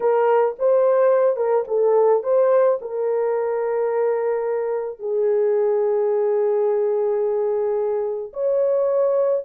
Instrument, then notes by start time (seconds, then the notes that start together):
horn
0.00 A#4
0.58 C5
1.36 A#4
1.67 A4
2.23 C5
2.81 A#4
4.98 G#4
8.33 C#5